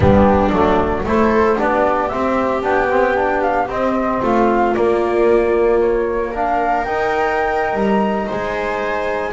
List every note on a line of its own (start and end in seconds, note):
0.00 0.50 G3
0.00 0.51 B3
0.00 1.04 D4
0.00 0.50 G4
0.50 1.03 F#3
0.50 1.05 A3
0.50 1.02 D5
1.03 1.56 A3
1.03 1.57 E4
1.03 1.57 A4
1.03 1.59 C5
1.57 2.13 B3
1.57 2.10 D4
1.57 4.20 G4
1.57 2.08 D5
2.08 2.61 C4
2.08 2.63 C4
2.08 2.61 E5
2.61 3.68 B3
2.61 2.88 D4
2.61 3.41 G5
2.89 3.15 C4
3.15 3.68 D4
3.41 3.68 F5
3.68 4.21 C4
3.68 4.75 C4
3.68 4.22 D#5
4.21 4.75 A3
4.21 6.31 F4
4.21 4.74 F5
4.74 6.33 A#3
4.74 6.86 A#3
4.74 5.79 D5
5.81 6.33 C#5
6.31 6.86 D4
6.31 8.26 A#4
6.31 6.84 F5
6.84 7.73 D#4
6.84 9.33 D#4
6.84 7.75 G5
7.73 8.25 G3
7.73 8.28 A#5
8.26 9.33 G#3
8.26 9.31 C5
8.26 9.33 G#5